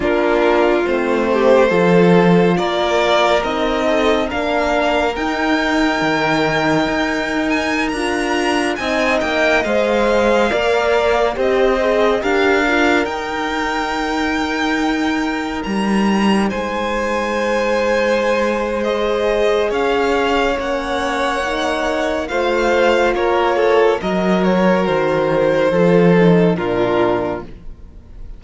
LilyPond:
<<
  \new Staff \with { instrumentName = "violin" } { \time 4/4 \tempo 4 = 70 ais'4 c''2 d''4 | dis''4 f''4 g''2~ | g''8. gis''8 ais''4 gis''8 g''8 f''8.~ | f''4~ f''16 dis''4 f''4 g''8.~ |
g''2~ g''16 ais''4 gis''8.~ | gis''2 dis''4 f''4 | fis''2 f''4 cis''4 | dis''8 cis''8 c''2 ais'4 | }
  \new Staff \with { instrumentName = "violin" } { \time 4/4 f'4. g'8 a'4 ais'4~ | ais'8 a'8 ais'2.~ | ais'2~ ais'16 dis''4.~ dis''16~ | dis''16 d''4 c''4 ais'4.~ ais'16~ |
ais'2.~ ais'16 c''8.~ | c''2. cis''4~ | cis''2 c''4 ais'8 a'8 | ais'2 a'4 f'4 | }
  \new Staff \with { instrumentName = "horn" } { \time 4/4 d'4 c'4 f'2 | dis'4 d'4 dis'2~ | dis'4~ dis'16 f'4 dis'4 c''8.~ | c''16 ais'4 g'8 gis'8 g'8 f'8 dis'8.~ |
dis'1~ | dis'2 gis'2 | cis'4 dis'4 f'2 | fis'2 f'8 dis'8 d'4 | }
  \new Staff \with { instrumentName = "cello" } { \time 4/4 ais4 a4 f4 ais4 | c'4 ais4 dis'4 dis4 | dis'4~ dis'16 d'4 c'8 ais8 gis8.~ | gis16 ais4 c'4 d'4 dis'8.~ |
dis'2~ dis'16 g4 gis8.~ | gis2. cis'4 | ais2 a4 ais4 | fis4 dis4 f4 ais,4 | }
>>